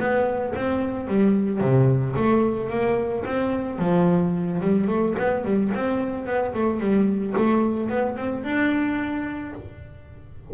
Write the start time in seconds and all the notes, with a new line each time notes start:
0.00 B3
0.56 C4
1.08 G3
1.61 C3
2.16 A3
2.70 A#3
3.26 C4
3.79 F3
4.61 G3
4.88 A3
5.18 B3
5.45 G3
5.75 C4
6.27 B3
6.55 A3
6.80 G3
7.38 A3
7.90 B3
8.17 C4
8.44 D4